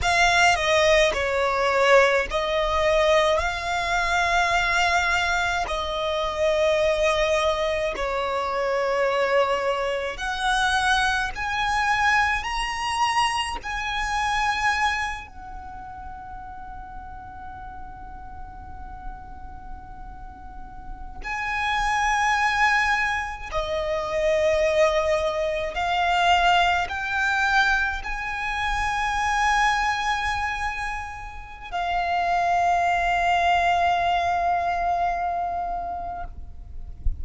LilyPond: \new Staff \with { instrumentName = "violin" } { \time 4/4 \tempo 4 = 53 f''8 dis''8 cis''4 dis''4 f''4~ | f''4 dis''2 cis''4~ | cis''4 fis''4 gis''4 ais''4 | gis''4. fis''2~ fis''8~ |
fis''2~ fis''8. gis''4~ gis''16~ | gis''8. dis''2 f''4 g''16~ | g''8. gis''2.~ gis''16 | f''1 | }